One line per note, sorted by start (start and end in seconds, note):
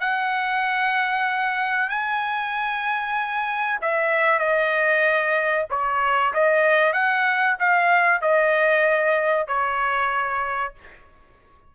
0.00 1.89 F#5
1.89 3.79 G#5
3.81 4.39 E5
4.39 5.65 D#5
5.70 6.33 C#5
6.34 6.93 D#5
6.93 7.56 F#5
7.59 8.21 F5
8.21 9.47 D#5
9.47 10.74 C#5